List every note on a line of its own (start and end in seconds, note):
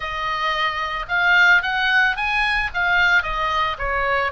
0.00 1.05 D#5
1.08 1.62 F5
1.62 2.16 F#5
2.16 2.70 G#5
2.73 3.22 F5
3.22 3.76 D#5
3.78 4.31 C#5